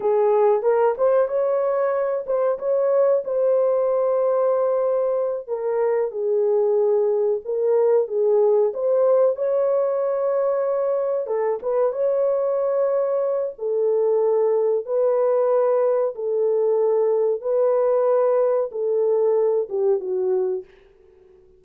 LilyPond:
\new Staff \with { instrumentName = "horn" } { \time 4/4 \tempo 4 = 93 gis'4 ais'8 c''8 cis''4. c''8 | cis''4 c''2.~ | c''8 ais'4 gis'2 ais'8~ | ais'8 gis'4 c''4 cis''4.~ |
cis''4. a'8 b'8 cis''4.~ | cis''4 a'2 b'4~ | b'4 a'2 b'4~ | b'4 a'4. g'8 fis'4 | }